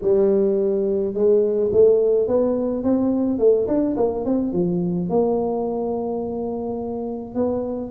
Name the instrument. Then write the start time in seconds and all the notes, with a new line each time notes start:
tuba
0.01 G3
1.13 G#3
1.72 A3
2.27 B3
2.83 C4
3.38 A3
3.67 D4
3.96 A#3
4.25 C4
4.52 F3
5.09 A#3
7.34 B3